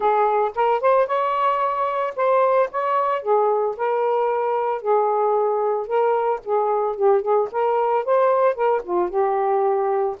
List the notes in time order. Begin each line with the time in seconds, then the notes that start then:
0.00 G#4
0.55 A#4
0.80 C5
1.06 C#5
2.16 C5
2.71 C#5
3.22 G#4
3.76 A#4
4.81 G#4
5.86 A#4
6.44 G#4
6.95 G4
7.21 G#4
7.51 A#4
8.05 C5
8.54 A#4
8.83 F4
9.09 G4